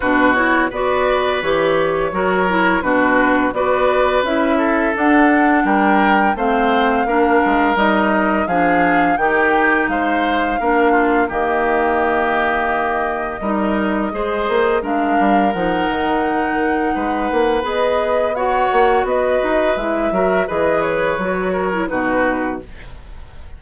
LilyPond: <<
  \new Staff \with { instrumentName = "flute" } { \time 4/4 \tempo 4 = 85 b'8 cis''8 d''4 cis''2 | b'4 d''4 e''4 fis''4 | g''4 f''2 dis''4 | f''4 g''4 f''2 |
dis''1~ | dis''4 f''4 fis''2~ | fis''4 dis''4 fis''4 dis''4 | e''4 dis''8 cis''4. b'4 | }
  \new Staff \with { instrumentName = "oboe" } { \time 4/4 fis'4 b'2 ais'4 | fis'4 b'4. a'4. | ais'4 c''4 ais'2 | gis'4 g'4 c''4 ais'8 f'8 |
g'2. ais'4 | c''4 ais'2. | b'2 cis''4 b'4~ | b'8 ais'8 b'4. ais'8 fis'4 | }
  \new Staff \with { instrumentName = "clarinet" } { \time 4/4 d'8 e'8 fis'4 g'4 fis'8 e'8 | d'4 fis'4 e'4 d'4~ | d'4 c'4 d'4 dis'4 | d'4 dis'2 d'4 |
ais2. dis'4 | gis'4 d'4 dis'2~ | dis'4 gis'4 fis'2 | e'8 fis'8 gis'4 fis'8. e'16 dis'4 | }
  \new Staff \with { instrumentName = "bassoon" } { \time 4/4 b,4 b4 e4 fis4 | b,4 b4 cis'4 d'4 | g4 a4 ais8 gis8 g4 | f4 dis4 gis4 ais4 |
dis2. g4 | gis8 ais8 gis8 g8 f8 dis4. | gis8 ais8 b4. ais8 b8 dis'8 | gis8 fis8 e4 fis4 b,4 | }
>>